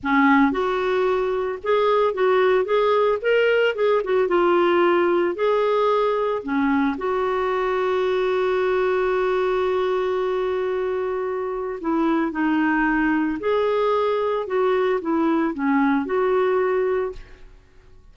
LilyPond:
\new Staff \with { instrumentName = "clarinet" } { \time 4/4 \tempo 4 = 112 cis'4 fis'2 gis'4 | fis'4 gis'4 ais'4 gis'8 fis'8 | f'2 gis'2 | cis'4 fis'2.~ |
fis'1~ | fis'2 e'4 dis'4~ | dis'4 gis'2 fis'4 | e'4 cis'4 fis'2 | }